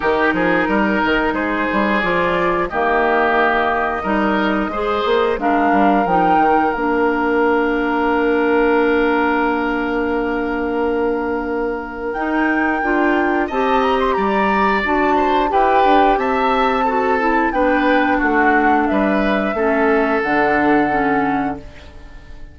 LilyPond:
<<
  \new Staff \with { instrumentName = "flute" } { \time 4/4 \tempo 4 = 89 ais'2 c''4 d''4 | dis''1 | f''4 g''4 f''2~ | f''1~ |
f''2 g''2 | a''8 ais''16 c'''16 ais''4 a''4 g''4 | a''2 g''4 fis''4 | e''2 fis''2 | }
  \new Staff \with { instrumentName = "oboe" } { \time 4/4 g'8 gis'8 ais'4 gis'2 | g'2 ais'4 c''4 | ais'1~ | ais'1~ |
ais'1 | dis''4 d''4. c''8 b'4 | e''4 a'4 b'4 fis'4 | b'4 a'2. | }
  \new Staff \with { instrumentName = "clarinet" } { \time 4/4 dis'2. f'4 | ais2 dis'4 gis'4 | d'4 dis'4 d'2~ | d'1~ |
d'2 dis'4 f'4 | g'2 fis'4 g'4~ | g'4 fis'8 e'8 d'2~ | d'4 cis'4 d'4 cis'4 | }
  \new Staff \with { instrumentName = "bassoon" } { \time 4/4 dis8 f8 g8 dis8 gis8 g8 f4 | dis2 g4 gis8 ais8 | gis8 g8 f8 dis8 ais2~ | ais1~ |
ais2 dis'4 d'4 | c'4 g4 d'4 e'8 d'8 | c'2 b4 a4 | g4 a4 d2 | }
>>